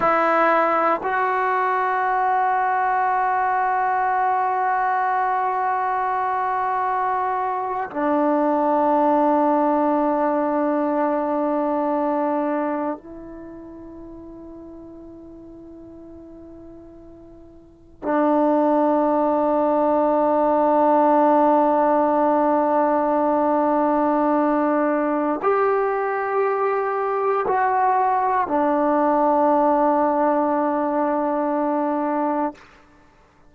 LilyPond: \new Staff \with { instrumentName = "trombone" } { \time 4/4 \tempo 4 = 59 e'4 fis'2.~ | fis'2.~ fis'8. d'16~ | d'1~ | d'8. e'2.~ e'16~ |
e'4.~ e'16 d'2~ d'16~ | d'1~ | d'4 g'2 fis'4 | d'1 | }